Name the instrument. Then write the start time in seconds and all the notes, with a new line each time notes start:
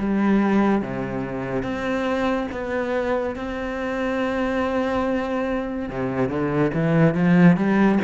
cello
0.00 G3
0.83 C3
1.63 C4
2.52 B3
3.36 C4
5.90 C3
6.30 D3
6.74 E3
7.15 F3
7.57 G3